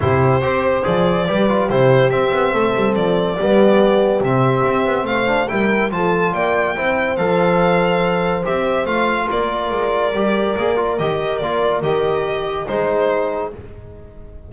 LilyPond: <<
  \new Staff \with { instrumentName = "violin" } { \time 4/4 \tempo 4 = 142 c''2 d''2 | c''4 e''2 d''4~ | d''2 e''2 | f''4 g''4 a''4 g''4~ |
g''4 f''2. | e''4 f''4 d''2~ | d''2 dis''4 d''4 | dis''2 c''2 | }
  \new Staff \with { instrumentName = "horn" } { \time 4/4 g'4 c''2 b'4 | g'2 a'2 | g'1 | c''4 ais'4 a'4 d''4 |
c''1~ | c''2 ais'2~ | ais'1~ | ais'2 gis'2 | }
  \new Staff \with { instrumentName = "trombone" } { \time 4/4 e'4 g'4 gis'4 g'8 f'8 | e'4 c'2. | b2 c'2~ | c'8 d'8 e'4 f'2 |
e'4 a'2. | g'4 f'2. | g'4 gis'8 f'8 g'4 f'4 | g'2 dis'2 | }
  \new Staff \with { instrumentName = "double bass" } { \time 4/4 c4 c'4 f4 g4 | c4 c'8 b8 a8 g8 f4 | g2 c4 c'8 b8 | a4 g4 f4 ais4 |
c'4 f2. | c'4 a4 ais4 gis4 | g4 ais4 dis4 ais4 | dis2 gis2 | }
>>